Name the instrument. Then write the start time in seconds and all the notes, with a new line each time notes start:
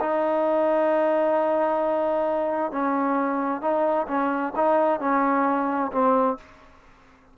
trombone
0.00 D#4
2.71 C#4
3.61 D#4
4.07 C#4
4.55 D#4
5.00 C#4
5.91 C4